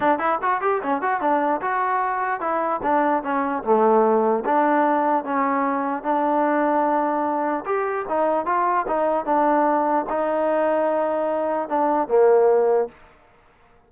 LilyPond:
\new Staff \with { instrumentName = "trombone" } { \time 4/4 \tempo 4 = 149 d'8 e'8 fis'8 g'8 cis'8 fis'8 d'4 | fis'2 e'4 d'4 | cis'4 a2 d'4~ | d'4 cis'2 d'4~ |
d'2. g'4 | dis'4 f'4 dis'4 d'4~ | d'4 dis'2.~ | dis'4 d'4 ais2 | }